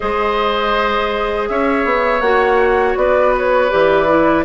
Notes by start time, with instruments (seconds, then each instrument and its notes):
0.00 bassoon G#3, clarinet G#4, oboe C5, flute D#5
1.48 bassoon C#4, oboe C#5, flute E5
1.84 bassoon B3
2.21 bassoon A#3, clarinet F#4, flute F#5
2.96 bassoon B3, oboe B4, flute D5
3.37 flute C#5
3.69 bassoon E3, clarinet G4, flute D5
4.08 clarinet E4